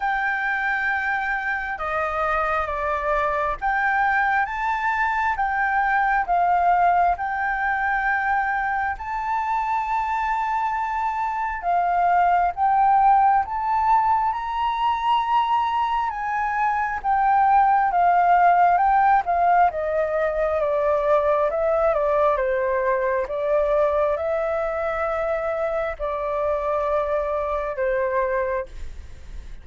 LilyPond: \new Staff \with { instrumentName = "flute" } { \time 4/4 \tempo 4 = 67 g''2 dis''4 d''4 | g''4 a''4 g''4 f''4 | g''2 a''2~ | a''4 f''4 g''4 a''4 |
ais''2 gis''4 g''4 | f''4 g''8 f''8 dis''4 d''4 | e''8 d''8 c''4 d''4 e''4~ | e''4 d''2 c''4 | }